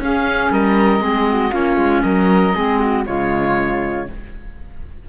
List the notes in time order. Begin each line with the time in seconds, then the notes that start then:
0.00 C#4 G#4 F5
0.51 G3 A#4 D#5
1.01 G#3 C4 G#4
1.30 F#4
1.52 A#3 C#4 F4 C#5
1.77 G#3
2.03 F#3 A#4 D#5
2.55 G#3 C4 G#4
2.80 F#4
3.06 C#3 G#3 F4 C#5